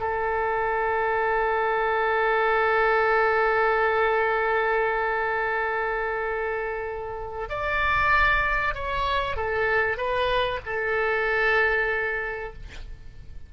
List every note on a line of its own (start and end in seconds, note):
0.00 7.49 A4
7.49 8.74 D5
8.74 9.36 C#5
9.36 9.97 A4
9.97 10.60 B4
10.65 12.53 A4